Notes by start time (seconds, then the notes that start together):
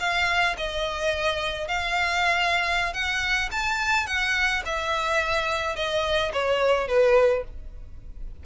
0.00 F5
0.57 D#5
1.68 F5
2.94 F#5
3.51 A5
4.07 F#5
4.66 E5
5.76 D#5
6.33 C#5
6.88 B4